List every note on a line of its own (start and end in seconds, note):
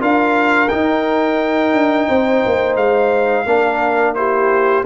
0.00 0.71 D4
0.00 0.69 F4
0.00 2.08 A#4
0.00 0.69 F5
0.69 3.46 D#4
0.69 1.74 D#4
0.69 2.76 G5
1.74 2.08 D4
2.08 2.44 C4
2.08 3.46 C5
2.46 2.76 A#3
2.76 3.45 G#3
2.76 4.15 F5
3.46 4.84 A#3
3.46 4.16 D4
3.46 4.17 A#4
4.15 4.85 E4
4.15 4.86 G4
4.15 4.84 C5